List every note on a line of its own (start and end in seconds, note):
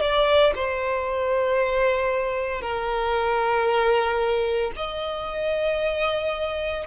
0.00 0.53 D5
0.55 2.61 C5
2.61 4.71 A#4
4.76 6.86 D#5